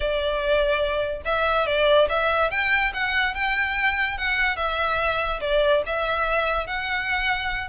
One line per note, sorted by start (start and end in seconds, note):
0.00 1.22 D5
1.25 1.66 E5
1.66 2.08 D5
2.09 2.50 E5
2.50 2.92 G5
2.93 3.34 F#5
3.34 4.17 G5
4.17 4.56 F#5
4.56 5.39 E5
5.41 5.82 D5
5.85 6.66 E5
6.66 7.68 F#5